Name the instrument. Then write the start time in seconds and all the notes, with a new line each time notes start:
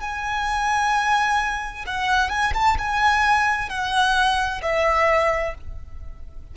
violin
0.00 G#5
1.86 F#5
2.29 G#5
2.53 A5
2.78 G#5
3.69 F#5
4.62 E5